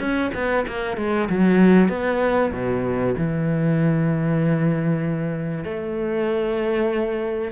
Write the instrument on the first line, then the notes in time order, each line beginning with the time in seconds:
cello
0.00 C#4
0.34 B3
0.67 A#3
0.97 G#3
1.30 F#3
1.89 B3
2.53 B2
3.17 E3
5.64 A3